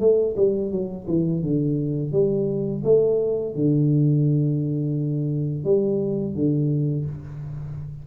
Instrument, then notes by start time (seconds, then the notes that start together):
tuba
0.00 A3
0.37 G3
0.72 F#3
1.07 E3
1.43 D3
2.12 G3
2.84 A3
3.55 D3
5.65 G3
6.35 D3